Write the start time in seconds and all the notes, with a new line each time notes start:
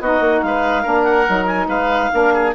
0.00 B3 D#4 F#4 D#5
0.20 A#3
0.41 G#3 F5
0.47 B4
0.82 A#3 D4 A#4
1.03 F#5
1.27 F#3 D#4
1.46 G#5
1.67 G#3 B4 F5
2.12 A#3 D4 A#4
2.34 G#4